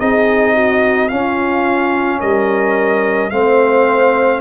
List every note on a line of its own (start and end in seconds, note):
0.00 1.11 C4
0.00 1.11 D#4
0.00 0.54 G#4
0.00 1.09 D#5
0.54 1.10 F#4
1.09 3.32 C#4
1.09 2.22 C#4
1.09 2.20 F4
1.09 2.20 F5
2.20 3.32 G3
2.20 3.31 A#4
2.20 3.30 D#5
3.30 4.42 A3
3.30 4.42 C4
3.30 4.42 C5
3.30 4.41 F5